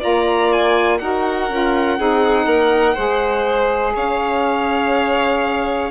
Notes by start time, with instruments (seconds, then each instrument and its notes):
0.00 bassoon A#3, saxophone F4, violin D5 A#5
0.52 violin G#5
0.98 bassoon D#4, saxophone F#4, violin A#4 F#5
1.50 bassoon C#4, saxophone F4
1.98 bassoon C4, saxophone D#4, violin G#4
2.46 bassoon A#3, violin A#4
2.94 bassoon G#3, saxophone G#4, violin C5
3.95 bassoon C#4, violin C#5 F5